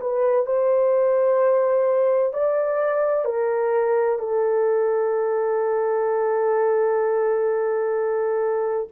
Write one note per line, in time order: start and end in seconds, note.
0.00 0.46 B4
0.46 2.33 C5
2.33 3.25 D5
3.25 4.18 A#4
4.18 8.87 A4